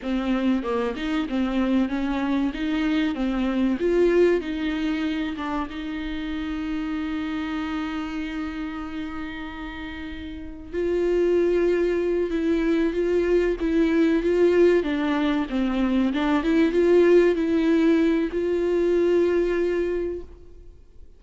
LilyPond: \new Staff \with { instrumentName = "viola" } { \time 4/4 \tempo 4 = 95 c'4 ais8 dis'8 c'4 cis'4 | dis'4 c'4 f'4 dis'4~ | dis'8 d'8 dis'2.~ | dis'1~ |
dis'4 f'2~ f'8 e'8~ | e'8 f'4 e'4 f'4 d'8~ | d'8 c'4 d'8 e'8 f'4 e'8~ | e'4 f'2. | }